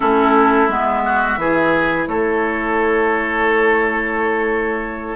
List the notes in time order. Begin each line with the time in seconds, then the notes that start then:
0.00 A3 C#4 E4 A4
0.68 G#3 B3 E5
1.04 F#4
1.37 E3 E4 G#4
2.07 A3 A4 C#5